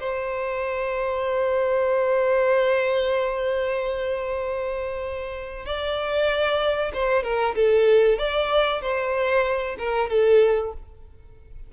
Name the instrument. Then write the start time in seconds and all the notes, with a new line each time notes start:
violin
0.00 C5
5.66 D5
6.94 C5
7.23 A#4
7.56 A4
8.19 D5
8.82 C5
9.79 A#4
10.10 A4